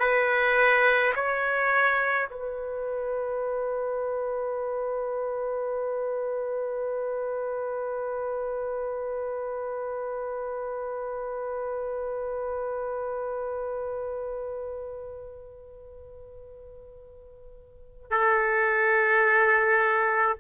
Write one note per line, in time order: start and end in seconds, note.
0.00 1.13 B4
1.15 2.28 C#5
2.30 18.10 B4
18.10 20.37 A4